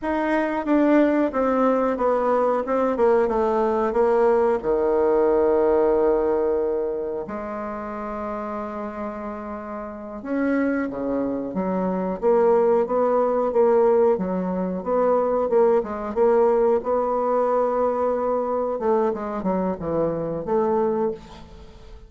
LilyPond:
\new Staff \with { instrumentName = "bassoon" } { \time 4/4 \tempo 4 = 91 dis'4 d'4 c'4 b4 | c'8 ais8 a4 ais4 dis4~ | dis2. gis4~ | gis2.~ gis8 cis'8~ |
cis'8 cis4 fis4 ais4 b8~ | b8 ais4 fis4 b4 ais8 | gis8 ais4 b2~ b8~ | b8 a8 gis8 fis8 e4 a4 | }